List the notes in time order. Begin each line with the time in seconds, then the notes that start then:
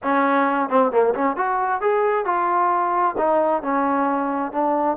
0.03 C#4
0.69 C4
0.91 A#3
1.14 C#4
1.36 F#4
1.81 G#4
2.25 F4
3.17 D#4
3.62 C#4
4.52 D4